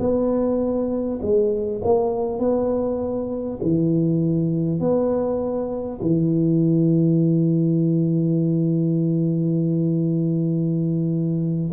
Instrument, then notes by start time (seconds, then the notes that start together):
tuba
0.00 B3
1.22 G#3
1.84 A#3
2.39 B3
3.62 E3
4.80 B3
6.02 E3